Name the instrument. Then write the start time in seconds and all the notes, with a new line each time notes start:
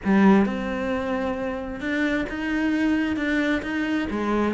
cello
0.04 G3
0.45 C4
1.80 D4
2.29 D#4
3.16 D4
3.62 D#4
4.10 G#3